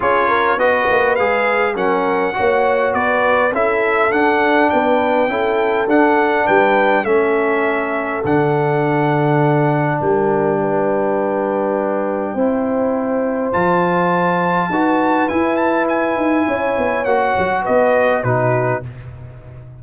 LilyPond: <<
  \new Staff \with { instrumentName = "trumpet" } { \time 4/4 \tempo 4 = 102 cis''4 dis''4 f''4 fis''4~ | fis''4 d''4 e''4 fis''4 | g''2 fis''4 g''4 | e''2 fis''2~ |
fis''4 g''2.~ | g''2. a''4~ | a''2 gis''8 a''8 gis''4~ | gis''4 fis''4 dis''4 b'4 | }
  \new Staff \with { instrumentName = "horn" } { \time 4/4 gis'8 ais'8 b'2 ais'4 | cis''4 b'4 a'2 | b'4 a'2 b'4 | a'1~ |
a'4 ais'4 b'2~ | b'4 c''2.~ | c''4 b'2. | cis''2 b'4 fis'4 | }
  \new Staff \with { instrumentName = "trombone" } { \time 4/4 f'4 fis'4 gis'4 cis'4 | fis'2 e'4 d'4~ | d'4 e'4 d'2 | cis'2 d'2~ |
d'1~ | d'4 e'2 f'4~ | f'4 fis'4 e'2~ | e'4 fis'2 dis'4 | }
  \new Staff \with { instrumentName = "tuba" } { \time 4/4 cis'4 b8 ais8 gis4 fis4 | ais4 b4 cis'4 d'4 | b4 cis'4 d'4 g4 | a2 d2~ |
d4 g2.~ | g4 c'2 f4~ | f4 dis'4 e'4. dis'8 | cis'8 b8 ais8 fis8 b4 b,4 | }
>>